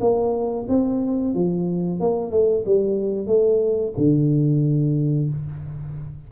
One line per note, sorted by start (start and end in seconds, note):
0.00 0.66 A#3
0.68 1.34 C4
1.34 2.00 F3
2.00 2.31 A#3
2.31 2.64 A3
2.65 3.27 G3
3.27 3.93 A3
3.97 5.29 D3